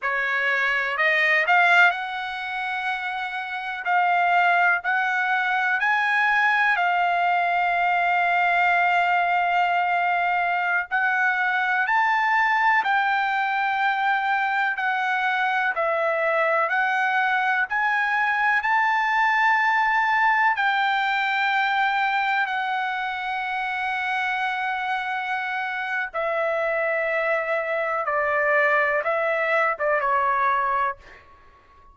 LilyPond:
\new Staff \with { instrumentName = "trumpet" } { \time 4/4 \tempo 4 = 62 cis''4 dis''8 f''8 fis''2 | f''4 fis''4 gis''4 f''4~ | f''2.~ f''16 fis''8.~ | fis''16 a''4 g''2 fis''8.~ |
fis''16 e''4 fis''4 gis''4 a''8.~ | a''4~ a''16 g''2 fis''8.~ | fis''2. e''4~ | e''4 d''4 e''8. d''16 cis''4 | }